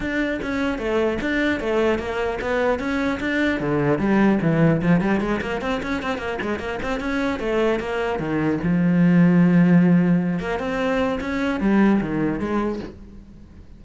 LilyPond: \new Staff \with { instrumentName = "cello" } { \time 4/4 \tempo 4 = 150 d'4 cis'4 a4 d'4 | a4 ais4 b4 cis'4 | d'4 d4 g4 e4 | f8 g8 gis8 ais8 c'8 cis'8 c'8 ais8 |
gis8 ais8 c'8 cis'4 a4 ais8~ | ais8 dis4 f2~ f8~ | f2 ais8 c'4. | cis'4 g4 dis4 gis4 | }